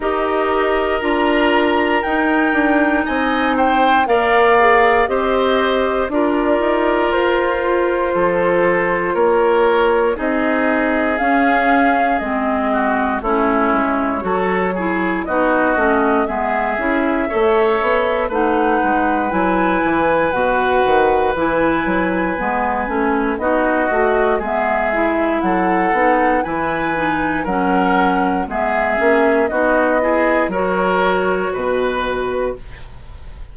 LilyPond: <<
  \new Staff \with { instrumentName = "flute" } { \time 4/4 \tempo 4 = 59 dis''4 ais''4 g''4 gis''8 g''8 | f''4 dis''4 d''4 c''4~ | c''4 cis''4 dis''4 f''4 | dis''4 cis''2 dis''4 |
e''2 fis''4 gis''4 | fis''4 gis''2 dis''4 | e''4 fis''4 gis''4 fis''4 | e''4 dis''4 cis''4 b'4 | }
  \new Staff \with { instrumentName = "oboe" } { \time 4/4 ais'2. dis''8 c''8 | d''4 c''4 ais'2 | a'4 ais'4 gis'2~ | gis'8 fis'8 e'4 a'8 gis'8 fis'4 |
gis'4 cis''4 b'2~ | b'2. fis'4 | gis'4 a'4 b'4 ais'4 | gis'4 fis'8 gis'8 ais'4 b'4 | }
  \new Staff \with { instrumentName = "clarinet" } { \time 4/4 g'4 f'4 dis'2 | ais'8 gis'8 g'4 f'2~ | f'2 dis'4 cis'4 | c'4 cis'4 fis'8 e'8 dis'8 cis'8 |
b8 e'8 a'4 dis'4 e'4 | fis'4 e'4 b8 cis'8 dis'8 fis'8 | b8 e'4 dis'8 e'8 dis'8 cis'4 | b8 cis'8 dis'8 e'8 fis'2 | }
  \new Staff \with { instrumentName = "bassoon" } { \time 4/4 dis'4 d'4 dis'8 d'8 c'4 | ais4 c'4 d'8 dis'8 f'4 | f4 ais4 c'4 cis'4 | gis4 a8 gis8 fis4 b8 a8 |
gis8 cis'8 a8 b8 a8 gis8 fis8 e8 | b,8 dis8 e8 fis8 gis8 a8 b8 a8 | gis4 fis8 b8 e4 fis4 | gis8 ais8 b4 fis4 b,4 | }
>>